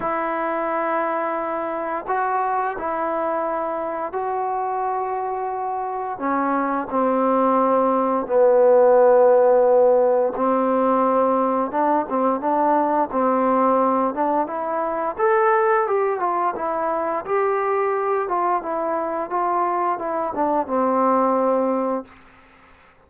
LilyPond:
\new Staff \with { instrumentName = "trombone" } { \time 4/4 \tempo 4 = 87 e'2. fis'4 | e'2 fis'2~ | fis'4 cis'4 c'2 | b2. c'4~ |
c'4 d'8 c'8 d'4 c'4~ | c'8 d'8 e'4 a'4 g'8 f'8 | e'4 g'4. f'8 e'4 | f'4 e'8 d'8 c'2 | }